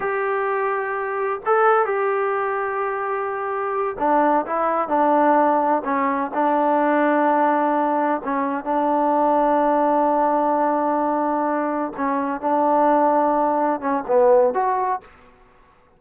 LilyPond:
\new Staff \with { instrumentName = "trombone" } { \time 4/4 \tempo 4 = 128 g'2. a'4 | g'1~ | g'8 d'4 e'4 d'4.~ | d'8 cis'4 d'2~ d'8~ |
d'4. cis'4 d'4.~ | d'1~ | d'4. cis'4 d'4.~ | d'4. cis'8 b4 fis'4 | }